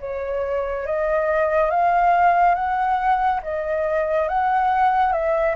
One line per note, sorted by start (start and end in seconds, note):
0.00 0.86 C#5
0.86 1.70 D#5
1.70 2.54 F5
2.54 3.40 F#5
3.42 4.28 D#5
4.28 5.12 F#5
5.12 5.55 E5